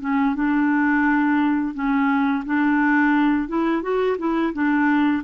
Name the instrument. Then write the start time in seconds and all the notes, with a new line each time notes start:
clarinet
0.00 C#4
0.35 D4
1.74 C#4
2.45 D4
3.48 E4
3.82 F#4
4.18 E4
4.53 D4